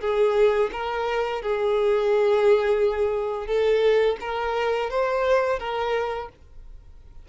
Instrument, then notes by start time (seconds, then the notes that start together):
violin
0.00 G#4
0.72 A#4
1.42 G#4
3.46 A4
4.20 A#4
4.90 C5
5.59 A#4